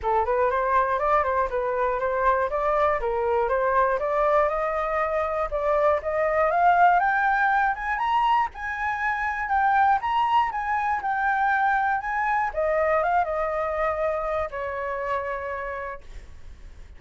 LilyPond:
\new Staff \with { instrumentName = "flute" } { \time 4/4 \tempo 4 = 120 a'8 b'8 c''4 d''8 c''8 b'4 | c''4 d''4 ais'4 c''4 | d''4 dis''2 d''4 | dis''4 f''4 g''4. gis''8 |
ais''4 gis''2 g''4 | ais''4 gis''4 g''2 | gis''4 dis''4 f''8 dis''4.~ | dis''4 cis''2. | }